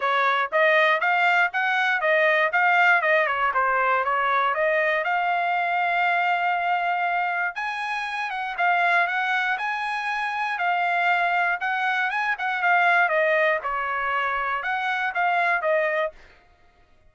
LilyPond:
\new Staff \with { instrumentName = "trumpet" } { \time 4/4 \tempo 4 = 119 cis''4 dis''4 f''4 fis''4 | dis''4 f''4 dis''8 cis''8 c''4 | cis''4 dis''4 f''2~ | f''2. gis''4~ |
gis''8 fis''8 f''4 fis''4 gis''4~ | gis''4 f''2 fis''4 | gis''8 fis''8 f''4 dis''4 cis''4~ | cis''4 fis''4 f''4 dis''4 | }